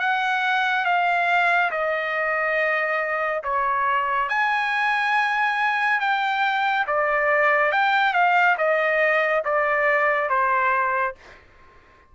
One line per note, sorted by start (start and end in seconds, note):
0.00 0.85 F#5
0.85 1.71 F5
1.71 3.43 D#5
3.44 4.29 C#5
4.29 6.00 G#5
6.00 6.86 G5
6.88 7.72 D5
7.72 8.14 G5
8.14 8.57 F5
8.58 9.44 D#5
9.45 10.30 D5
10.30 11.15 C5